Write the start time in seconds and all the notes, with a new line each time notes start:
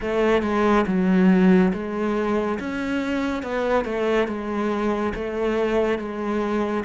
0.00 A3
0.42 G#3
0.86 F#3
1.73 G#3
2.59 C#4
3.42 B3
3.85 A3
4.27 G#3
5.14 A3
5.98 G#3